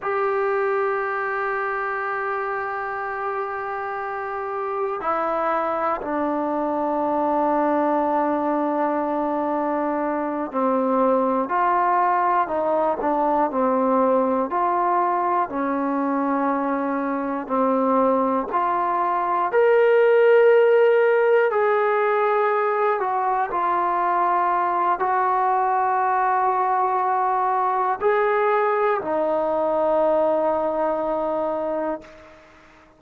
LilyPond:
\new Staff \with { instrumentName = "trombone" } { \time 4/4 \tempo 4 = 60 g'1~ | g'4 e'4 d'2~ | d'2~ d'8 c'4 f'8~ | f'8 dis'8 d'8 c'4 f'4 cis'8~ |
cis'4. c'4 f'4 ais'8~ | ais'4. gis'4. fis'8 f'8~ | f'4 fis'2. | gis'4 dis'2. | }